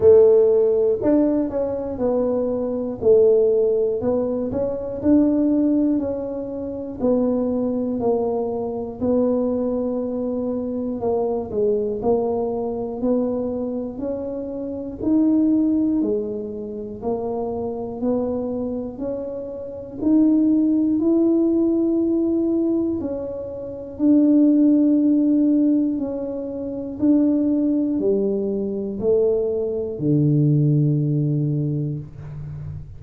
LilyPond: \new Staff \with { instrumentName = "tuba" } { \time 4/4 \tempo 4 = 60 a4 d'8 cis'8 b4 a4 | b8 cis'8 d'4 cis'4 b4 | ais4 b2 ais8 gis8 | ais4 b4 cis'4 dis'4 |
gis4 ais4 b4 cis'4 | dis'4 e'2 cis'4 | d'2 cis'4 d'4 | g4 a4 d2 | }